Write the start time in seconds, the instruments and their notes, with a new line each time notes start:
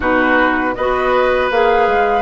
0.00 bassoon B2, clarinet D#4, oboe F#4, flute B4
0.74 bassoon B3, clarinet F#4, oboe B4, flute D#5
1.50 bassoon A#3, clarinet G#4, flute F5
1.87 bassoon G#3